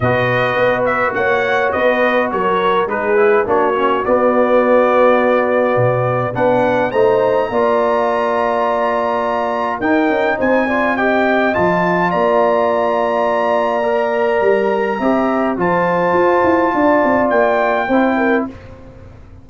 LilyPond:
<<
  \new Staff \with { instrumentName = "trumpet" } { \time 4/4 \tempo 4 = 104 dis''4. e''8 fis''4 dis''4 | cis''4 b'4 cis''4 d''4~ | d''2. fis''4 | ais''1~ |
ais''4 g''4 gis''4 g''4 | a''4 ais''2.~ | ais''2. a''4~ | a''2 g''2 | }
  \new Staff \with { instrumentName = "horn" } { \time 4/4 b'2 cis''4 b'4 | ais'4 gis'4 fis'2~ | fis'2. b'4 | c''4 d''2.~ |
d''4 ais'4 c''8 d''8 dis''4~ | dis''4 d''2.~ | d''2 e''4 c''4~ | c''4 d''2 c''8 ais'8 | }
  \new Staff \with { instrumentName = "trombone" } { \time 4/4 fis'1~ | fis'4 dis'8 e'8 d'8 cis'8 b4~ | b2. d'4 | dis'4 f'2.~ |
f'4 dis'4. f'8 g'4 | f'1 | ais'2 g'4 f'4~ | f'2. e'4 | }
  \new Staff \with { instrumentName = "tuba" } { \time 4/4 b,4 b4 ais4 b4 | fis4 gis4 ais4 b4~ | b2 b,4 b4 | a4 ais2.~ |
ais4 dis'8 cis'8 c'2 | f4 ais2.~ | ais4 g4 c'4 f4 | f'8 e'8 d'8 c'8 ais4 c'4 | }
>>